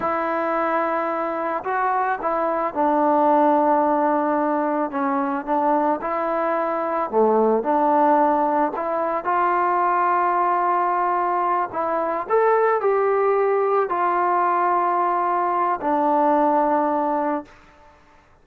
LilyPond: \new Staff \with { instrumentName = "trombone" } { \time 4/4 \tempo 4 = 110 e'2. fis'4 | e'4 d'2.~ | d'4 cis'4 d'4 e'4~ | e'4 a4 d'2 |
e'4 f'2.~ | f'4. e'4 a'4 g'8~ | g'4. f'2~ f'8~ | f'4 d'2. | }